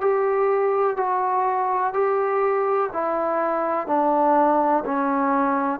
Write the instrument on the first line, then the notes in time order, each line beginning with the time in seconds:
trombone
0.00 G4
0.96 F#4
1.93 G4
2.93 E4
3.87 D4
4.85 C#4